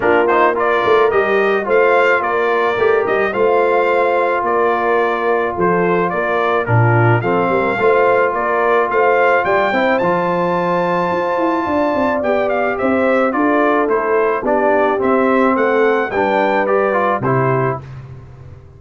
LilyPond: <<
  \new Staff \with { instrumentName = "trumpet" } { \time 4/4 \tempo 4 = 108 ais'8 c''8 d''4 dis''4 f''4 | d''4. dis''8 f''2 | d''2 c''4 d''4 | ais'4 f''2 d''4 |
f''4 g''4 a''2~ | a''2 g''8 f''8 e''4 | d''4 c''4 d''4 e''4 | fis''4 g''4 d''4 c''4 | }
  \new Staff \with { instrumentName = "horn" } { \time 4/4 f'4 ais'2 c''4 | ais'2 c''2 | ais'2 a'4 ais'4 | f'4 a'8 ais'8 c''4 ais'4 |
c''4 d''8 c''2~ c''8~ | c''4 d''2 c''4 | a'2 g'2 | a'4 b'2 g'4 | }
  \new Staff \with { instrumentName = "trombone" } { \time 4/4 d'8 dis'8 f'4 g'4 f'4~ | f'4 g'4 f'2~ | f'1 | d'4 c'4 f'2~ |
f'4. e'8 f'2~ | f'2 g'2 | f'4 e'4 d'4 c'4~ | c'4 d'4 g'8 f'8 e'4 | }
  \new Staff \with { instrumentName = "tuba" } { \time 4/4 ais4. a8 g4 a4 | ais4 a8 g8 a2 | ais2 f4 ais4 | ais,4 f8 g8 a4 ais4 |
a4 g8 c'8 f2 | f'8 e'8 d'8 c'8 b4 c'4 | d'4 a4 b4 c'4 | a4 g2 c4 | }
>>